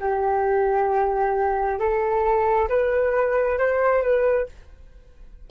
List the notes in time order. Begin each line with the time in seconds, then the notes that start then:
0.00 G4
1.79 A4
2.69 B4
3.58 C5
4.01 B4